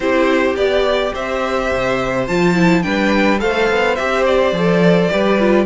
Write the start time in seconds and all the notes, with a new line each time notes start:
0.00 C4 E4 G4 C5
0.55 B3 G4 D5
1.13 C4 C5 E5
1.72 C3
2.27 F3 F4 A5
2.55 E4
2.82 G3 D4 B4 G5
3.39 A3 A4 C5 F5
3.69 B3
3.95 C4 G4 E5
4.25 D5
4.51 F3 A4
5.09 G3 G4 B4
5.39 F4